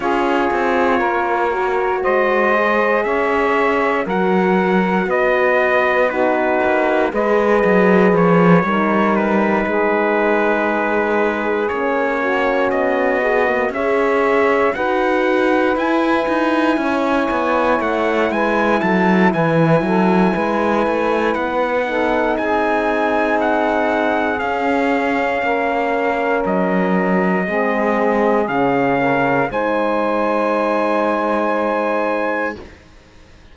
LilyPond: <<
  \new Staff \with { instrumentName = "trumpet" } { \time 4/4 \tempo 4 = 59 cis''2 dis''4 e''4 | fis''4 dis''4 b'4 dis''4 | cis''4 b'2~ b'8 cis''8~ | cis''8 dis''4 e''4 fis''4 gis''8~ |
gis''4. fis''8 gis''8 a''8 gis''4~ | gis''4 fis''4 gis''4 fis''4 | f''2 dis''2 | f''4 gis''2. | }
  \new Staff \with { instrumentName = "saxophone" } { \time 4/4 gis'4 ais'4 c''4 cis''4 | ais'4 b'4 fis'4 b'4~ | b'8 ais'4 gis'2~ gis'8 | fis'4. cis''4 b'4.~ |
b'8 cis''4. b'8 a'8 b'8 a'8 | b'4. a'8 gis'2~ | gis'4 ais'2 gis'4~ | gis'8 ais'8 c''2. | }
  \new Staff \with { instrumentName = "horn" } { \time 4/4 f'4. fis'4 gis'4. | fis'2 dis'4 gis'4~ | gis'8 dis'2. cis'8~ | cis'4 gis'16 ais16 gis'4 fis'4 e'8~ |
e'1~ | e'4. dis'2~ dis'8 | cis'2. c'4 | cis'4 dis'2. | }
  \new Staff \with { instrumentName = "cello" } { \time 4/4 cis'8 c'8 ais4 gis4 cis'4 | fis4 b4. ais8 gis8 fis8 | f8 g4 gis2 ais8~ | ais8 b4 cis'4 dis'4 e'8 |
dis'8 cis'8 b8 a8 gis8 fis8 e8 fis8 | gis8 a8 b4 c'2 | cis'4 ais4 fis4 gis4 | cis4 gis2. | }
>>